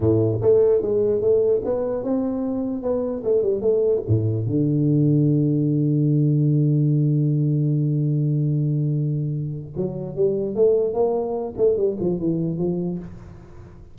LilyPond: \new Staff \with { instrumentName = "tuba" } { \time 4/4 \tempo 4 = 148 a,4 a4 gis4 a4 | b4 c'2 b4 | a8 g8 a4 a,4 d4~ | d1~ |
d1~ | d1 | fis4 g4 a4 ais4~ | ais8 a8 g8 f8 e4 f4 | }